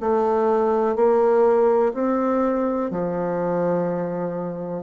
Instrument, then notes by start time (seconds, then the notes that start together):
bassoon
0.00 A3
0.96 A#3
1.94 C4
2.90 F3